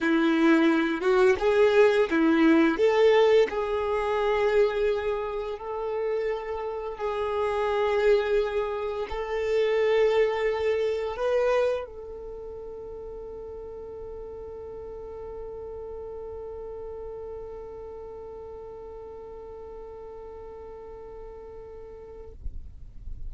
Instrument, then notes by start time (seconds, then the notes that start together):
violin
0.01 E4
1.01 F#4
1.39 G#4
2.10 E4
2.77 A4
3.49 G#4
5.58 A4
6.97 G#4
9.09 A4
11.16 B4
11.85 A4